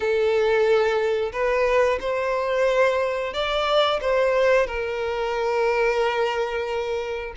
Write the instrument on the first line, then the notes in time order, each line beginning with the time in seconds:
violin
0.00 A4
1.32 B4
2.00 C5
3.33 D5
4.01 C5
4.67 A#4